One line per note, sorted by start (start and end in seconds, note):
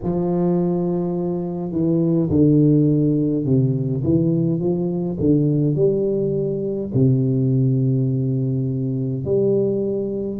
0.03 1.72 F3
1.72 2.29 E3
2.30 3.45 D3
3.45 4.03 C3
4.03 4.59 E3
4.59 5.17 F3
5.19 5.75 D3
5.75 6.90 G3
6.94 9.25 C3
9.25 10.40 G3